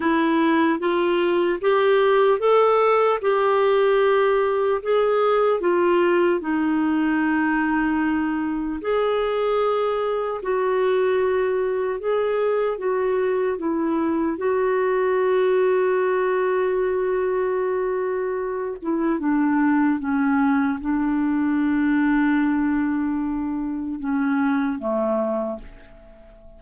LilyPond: \new Staff \with { instrumentName = "clarinet" } { \time 4/4 \tempo 4 = 75 e'4 f'4 g'4 a'4 | g'2 gis'4 f'4 | dis'2. gis'4~ | gis'4 fis'2 gis'4 |
fis'4 e'4 fis'2~ | fis'2.~ fis'8 e'8 | d'4 cis'4 d'2~ | d'2 cis'4 a4 | }